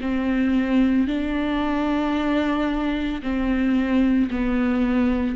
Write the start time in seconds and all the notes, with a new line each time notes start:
0.00 C4
1.07 D4
3.22 C4
4.30 B3